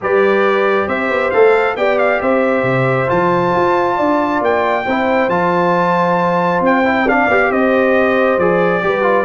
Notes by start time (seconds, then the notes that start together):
0.01 G3 G4 B4 D5
0.87 C4 C5 E5
1.09 B3
1.31 A3 A4 F5
1.76 B3 G4 D5 G5
1.98 F5
2.21 C4 C5 E5
2.62 C3
3.07 F3 F4 A5
3.55 F4
3.96 D4 D5
4.41 A#3 G5
4.86 C4 E4 C5
5.28 F3 F4 A5
6.60 C4 G5
6.84 E4
7.05 D4 D5 F5
7.27 B3 G4
7.50 C4 C5 D#5
8.37 F3 G#4 D5
8.82 G3 G4 B4
9.02 F4